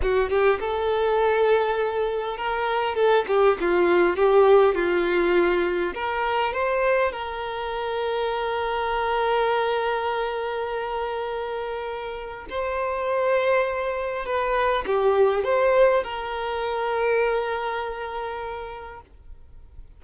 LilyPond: \new Staff \with { instrumentName = "violin" } { \time 4/4 \tempo 4 = 101 fis'8 g'8 a'2. | ais'4 a'8 g'8 f'4 g'4 | f'2 ais'4 c''4 | ais'1~ |
ais'1~ | ais'4 c''2. | b'4 g'4 c''4 ais'4~ | ais'1 | }